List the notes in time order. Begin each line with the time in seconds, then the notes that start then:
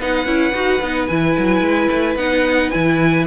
0.00 B3 D#4 B4 F#5
0.26 C#4 E4
0.54 D#4 F#4
0.82 B3 D#4
1.07 E3 E4 G#5
1.38 F#3
1.61 G#3
1.91 A3
2.16 B3 D#4 F#5
2.70 E3 E4 G#5